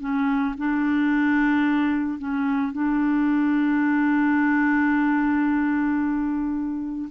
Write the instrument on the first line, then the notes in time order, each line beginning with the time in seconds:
clarinet
0.00 C#4
0.58 D4
2.18 C#4
2.72 D4